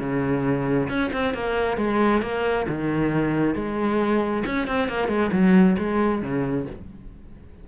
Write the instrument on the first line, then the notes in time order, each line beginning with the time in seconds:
cello
0.00 C#3
0.89 C#4
1.13 C4
1.35 A#3
1.78 G#3
2.22 A#3
2.69 D#3
3.55 G#3
4.46 C#4
4.67 C4
4.89 A#3
5.08 G#3
5.32 F#3
5.79 G#3
6.22 C#3